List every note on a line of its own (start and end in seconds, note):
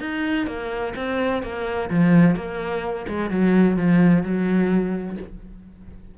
0.00 0.47 D#4
0.47 0.94 A#3
0.96 1.43 C4
1.43 1.90 A#3
1.90 2.36 F3
2.36 3.06 A#3
3.08 3.30 G#3
3.30 3.77 F#3
3.77 4.23 F3
4.23 5.17 F#3